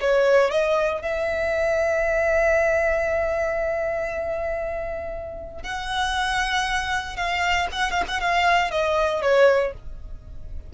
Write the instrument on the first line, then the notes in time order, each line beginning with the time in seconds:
violin
0.00 C#5
0.51 D#5
1.02 E5
5.63 F#5
7.16 F5
7.72 F#5
7.91 F5
8.08 F#5
8.20 F5
8.71 D#5
9.22 C#5